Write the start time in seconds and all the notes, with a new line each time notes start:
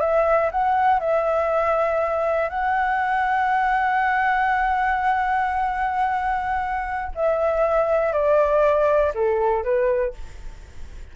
0.00 E5
0.51 F#5
1.00 E5
2.49 F#5
7.15 E5
8.12 D5
9.15 A4
9.63 B4